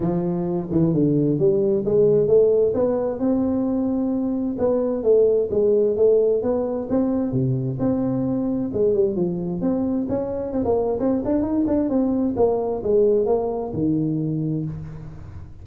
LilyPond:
\new Staff \with { instrumentName = "tuba" } { \time 4/4 \tempo 4 = 131 f4. e8 d4 g4 | gis4 a4 b4 c'4~ | c'2 b4 a4 | gis4 a4 b4 c'4 |
c4 c'2 gis8 g8 | f4 c'4 cis'4 c'16 ais8. | c'8 d'8 dis'8 d'8 c'4 ais4 | gis4 ais4 dis2 | }